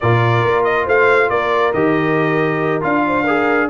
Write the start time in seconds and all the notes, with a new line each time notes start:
0.00 A#2 F4 A#4 D5
0.44 A#3
0.63 D#5
0.84 A3 C5 F5
1.29 A#3 A#4 D5
1.73 D#3 G4 D#5
2.81 D4 F4 F5
3.06 C5
3.23 G#4 A#4